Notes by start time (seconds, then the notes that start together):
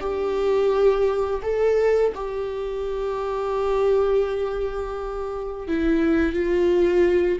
0.00 G4
1.42 A4
2.15 G4
5.68 E4
6.33 F4